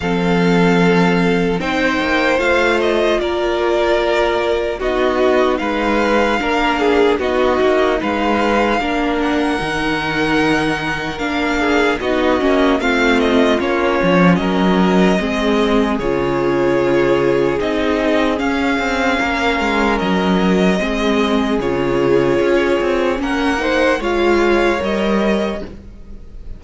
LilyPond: <<
  \new Staff \with { instrumentName = "violin" } { \time 4/4 \tempo 4 = 75 f''2 g''4 f''8 dis''8 | d''2 dis''4 f''4~ | f''4 dis''4 f''4. fis''8~ | fis''2 f''4 dis''4 |
f''8 dis''8 cis''4 dis''2 | cis''2 dis''4 f''4~ | f''4 dis''2 cis''4~ | cis''4 fis''4 f''4 dis''4 | }
  \new Staff \with { instrumentName = "violin" } { \time 4/4 a'2 c''2 | ais'2 fis'4 b'4 | ais'8 gis'8 fis'4 b'4 ais'4~ | ais'2~ ais'8 gis'8 fis'4 |
f'2 ais'4 gis'4~ | gis'1 | ais'2 gis'2~ | gis'4 ais'8 c''8 cis''2 | }
  \new Staff \with { instrumentName = "viola" } { \time 4/4 c'2 dis'4 f'4~ | f'2 dis'2 | d'4 dis'2 d'4 | dis'2 d'4 dis'8 cis'8 |
c'4 cis'2 c'4 | f'2 dis'4 cis'4~ | cis'2 c'4 f'4~ | f'4 cis'8 dis'8 f'4 ais'4 | }
  \new Staff \with { instrumentName = "cello" } { \time 4/4 f2 c'8 ais8 a4 | ais2 b4 gis4 | ais4 b8 ais8 gis4 ais4 | dis2 ais4 b8 ais8 |
a4 ais8 f8 fis4 gis4 | cis2 c'4 cis'8 c'8 | ais8 gis8 fis4 gis4 cis4 | cis'8 c'8 ais4 gis4 g4 | }
>>